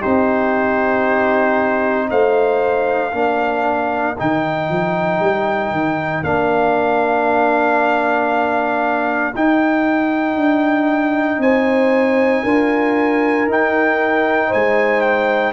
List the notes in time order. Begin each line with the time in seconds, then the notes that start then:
0.00 C4 D#4 G4 C5
2.10 A3 C5 F5
3.12 A#3 D4 A#4
4.18 D#3 D#4 G5
4.69 F3
5.19 G3
5.71 D#3
6.23 A#3 D4 F5
9.35 D#4 G5
10.36 D4
11.38 C4 C5 G#5
12.43 D4 F4 A#4
13.47 D#4 G5
14.48 G#3 C5 G#5
15.01 G5